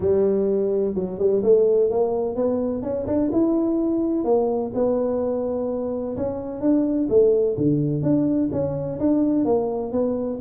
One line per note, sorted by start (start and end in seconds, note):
0.00 0.94 G3
0.94 1.18 F#3
1.18 1.42 G3
1.42 1.90 A3
1.90 2.35 A#3
2.35 2.82 B3
2.82 3.06 C#4
3.06 3.30 D4
3.32 4.24 E4
4.24 4.71 A#3
4.74 6.16 B3
6.16 6.60 C#4
6.60 7.07 D4
7.09 7.56 A3
7.57 8.02 D3
8.02 8.49 D4
8.52 8.99 C#4
8.99 9.44 D4
9.44 9.91 A#3
9.92 10.39 B3